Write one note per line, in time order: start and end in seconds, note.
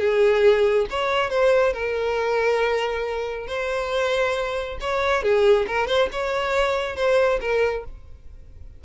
0.00 0.87 G#4
0.91 1.31 C#5
1.31 1.74 C5
1.74 3.48 A#4
3.48 4.78 C5
4.81 5.23 C#5
5.23 5.67 G#4
5.68 5.88 A#4
5.88 6.09 C5
6.12 6.97 C#5
6.97 7.40 C5
7.41 7.85 A#4